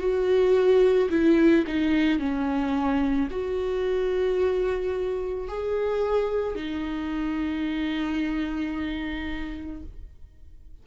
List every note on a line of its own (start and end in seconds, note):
0.00 1.09 F#4
1.10 1.65 E4
1.67 2.19 D#4
2.19 3.28 C#4
3.30 5.48 F#4
5.48 6.56 G#4
6.56 9.83 D#4